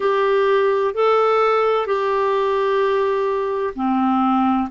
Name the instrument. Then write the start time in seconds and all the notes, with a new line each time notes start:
clarinet
0.00 G4
0.94 A4
1.86 G4
3.75 C4